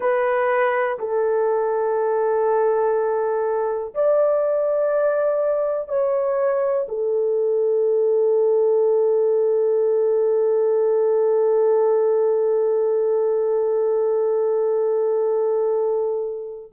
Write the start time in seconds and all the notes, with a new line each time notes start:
0.00 B4
0.98 A4
3.94 D5
5.88 C#5
6.88 A4